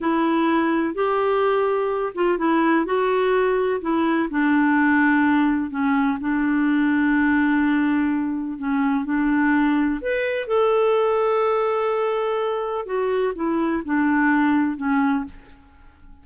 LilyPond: \new Staff \with { instrumentName = "clarinet" } { \time 4/4 \tempo 4 = 126 e'2 g'2~ | g'8 f'8 e'4 fis'2 | e'4 d'2. | cis'4 d'2.~ |
d'2 cis'4 d'4~ | d'4 b'4 a'2~ | a'2. fis'4 | e'4 d'2 cis'4 | }